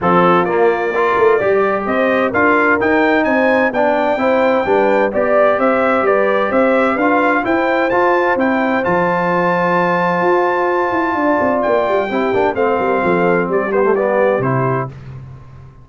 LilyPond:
<<
  \new Staff \with { instrumentName = "trumpet" } { \time 4/4 \tempo 4 = 129 a'4 d''2. | dis''4 f''4 g''4 gis''4 | g''2. d''4 | e''4 d''4 e''4 f''4 |
g''4 a''4 g''4 a''4~ | a''1~ | a''4 g''2 f''4~ | f''4 d''8 c''8 d''4 c''4 | }
  \new Staff \with { instrumentName = "horn" } { \time 4/4 f'2 ais'4 d''4 | c''4 ais'2 c''4 | d''4 c''4 b'4 d''4 | c''4 b'4 c''4 b'4 |
c''1~ | c''1 | d''2 g'4 c''8 ais'8 | a'4 g'2. | }
  \new Staff \with { instrumentName = "trombone" } { \time 4/4 c'4 ais4 f'4 g'4~ | g'4 f'4 dis'2 | d'4 e'4 d'4 g'4~ | g'2. f'4 |
e'4 f'4 e'4 f'4~ | f'1~ | f'2 e'8 d'8 c'4~ | c'4. b16 a16 b4 e'4 | }
  \new Staff \with { instrumentName = "tuba" } { \time 4/4 f4 ais4. a8 g4 | c'4 d'4 dis'4 c'4 | b4 c'4 g4 b4 | c'4 g4 c'4 d'4 |
e'4 f'4 c'4 f4~ | f2 f'4. e'8 | d'8 c'8 ais8 g8 c'8 ais8 a8 g8 | f4 g2 c4 | }
>>